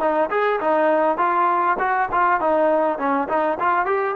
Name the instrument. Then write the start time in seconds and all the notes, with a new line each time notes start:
trombone
0.00 D#4
0.31 G#4
0.61 D#4
1.18 F4
1.79 F#4
2.12 F4
2.41 D#4
2.99 C#4
3.29 D#4
3.60 F4
3.86 G4